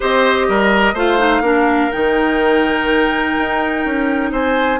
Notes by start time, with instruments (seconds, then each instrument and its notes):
0.00 bassoon C4, clarinet G4, oboe C5, flute D#5
0.48 bassoon G3, oboe A#4
0.93 bassoon A3, clarinet F4, oboe C5, flute F5
1.18 clarinet D#4
1.41 bassoon A#3, clarinet D4, oboe A#4
1.91 bassoon D#3, clarinet D#4, flute G5
3.37 bassoon D#4
3.85 bassoon C#4
4.31 bassoon C4, oboe C5, flute G#5